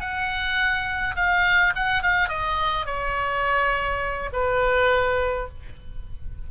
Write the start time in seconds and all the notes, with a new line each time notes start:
0.00 F#5
1.16 F5
1.75 F#5
2.03 F5
2.28 D#5
2.86 C#5
4.33 B4